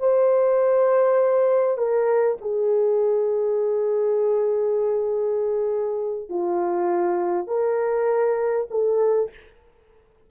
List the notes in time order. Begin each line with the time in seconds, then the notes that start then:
0.00 C5
1.78 A#4
2.42 G#4
6.29 F4
7.47 A#4
8.71 A4